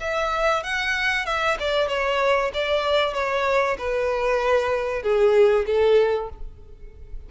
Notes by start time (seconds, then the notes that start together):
0.00 E5
0.63 F#5
1.26 E5
1.59 D5
1.88 C#5
2.53 D5
3.13 C#5
3.78 B4
5.02 G#4
5.66 A4